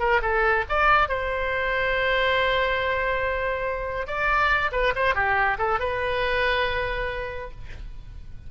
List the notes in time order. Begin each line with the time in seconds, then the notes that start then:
0.00 A#4
0.22 A4
0.69 D5
1.09 C5
4.07 D5
4.72 B4
4.96 C5
5.15 G4
5.59 A4
5.80 B4